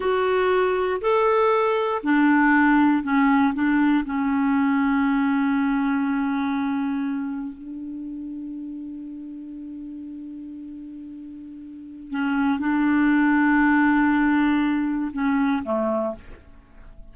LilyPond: \new Staff \with { instrumentName = "clarinet" } { \time 4/4 \tempo 4 = 119 fis'2 a'2 | d'2 cis'4 d'4 | cis'1~ | cis'2. d'4~ |
d'1~ | d'1 | cis'4 d'2.~ | d'2 cis'4 a4 | }